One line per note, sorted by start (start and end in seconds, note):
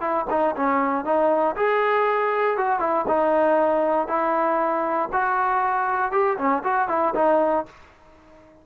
0.00 0.25 E4
0.30 0.55 D#4
0.56 1.04 C#4
1.04 1.55 D#4
1.56 2.57 G#4
2.57 2.79 F#4
2.79 3.05 E4
3.08 4.07 D#4
4.07 5.09 E4
5.12 6.11 F#4
6.11 6.37 G4
6.37 6.63 C#4
6.63 6.88 F#4
6.88 7.14 E4
7.14 7.65 D#4